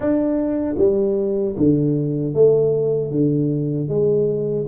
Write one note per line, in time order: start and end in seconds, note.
0.00 0.75 D4
0.78 1.55 G3
1.57 2.33 D3
2.33 3.11 A3
3.11 3.88 D3
3.88 4.66 G#3